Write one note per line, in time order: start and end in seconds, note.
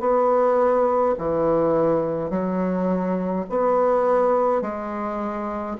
0.00 1.15 B3
1.18 2.30 E3
2.30 3.46 F#3
3.50 4.62 B3
4.62 5.77 G#3